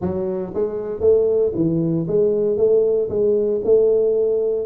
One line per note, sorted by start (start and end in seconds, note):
0.01 0.53 F#3
0.53 1.00 G#3
1.00 1.52 A3
1.54 2.06 E3
2.07 2.57 G#3
2.57 3.08 A3
3.09 3.60 G#3
3.64 4.66 A3